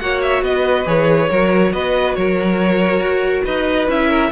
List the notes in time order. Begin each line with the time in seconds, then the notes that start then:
0.00 A#3 F#4 C#5 F#5
0.22 E5
0.43 B3 B4 D#5
0.86 E3 G#4 C#5
1.30 F#3 F#4 A#4
1.73 B3 B4 D#5
2.15 F#3 A#4 C#5
3.00 F#4
3.44 D#4 B4 D#5
3.88 C#4 E4 E5
4.09 A#4